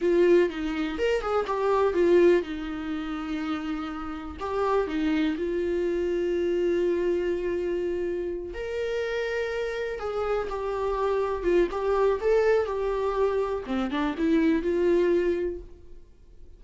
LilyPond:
\new Staff \with { instrumentName = "viola" } { \time 4/4 \tempo 4 = 123 f'4 dis'4 ais'8 gis'8 g'4 | f'4 dis'2.~ | dis'4 g'4 dis'4 f'4~ | f'1~ |
f'4. ais'2~ ais'8~ | ais'8 gis'4 g'2 f'8 | g'4 a'4 g'2 | c'8 d'8 e'4 f'2 | }